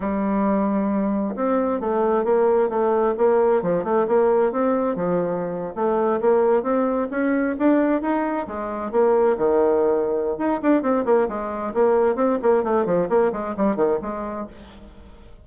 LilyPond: \new Staff \with { instrumentName = "bassoon" } { \time 4/4 \tempo 4 = 133 g2. c'4 | a4 ais4 a4 ais4 | f8 a8 ais4 c'4 f4~ | f8. a4 ais4 c'4 cis'16~ |
cis'8. d'4 dis'4 gis4 ais16~ | ais8. dis2~ dis16 dis'8 d'8 | c'8 ais8 gis4 ais4 c'8 ais8 | a8 f8 ais8 gis8 g8 dis8 gis4 | }